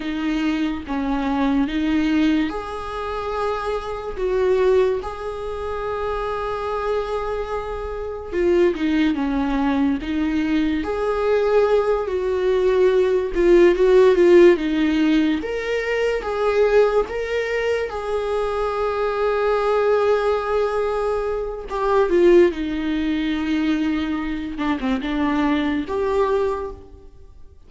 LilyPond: \new Staff \with { instrumentName = "viola" } { \time 4/4 \tempo 4 = 72 dis'4 cis'4 dis'4 gis'4~ | gis'4 fis'4 gis'2~ | gis'2 f'8 dis'8 cis'4 | dis'4 gis'4. fis'4. |
f'8 fis'8 f'8 dis'4 ais'4 gis'8~ | gis'8 ais'4 gis'2~ gis'8~ | gis'2 g'8 f'8 dis'4~ | dis'4. d'16 c'16 d'4 g'4 | }